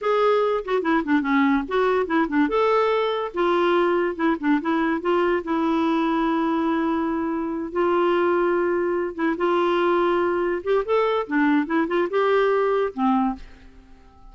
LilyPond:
\new Staff \with { instrumentName = "clarinet" } { \time 4/4 \tempo 4 = 144 gis'4. fis'8 e'8 d'8 cis'4 | fis'4 e'8 d'8 a'2 | f'2 e'8 d'8 e'4 | f'4 e'2.~ |
e'2~ e'8 f'4.~ | f'2 e'8 f'4.~ | f'4. g'8 a'4 d'4 | e'8 f'8 g'2 c'4 | }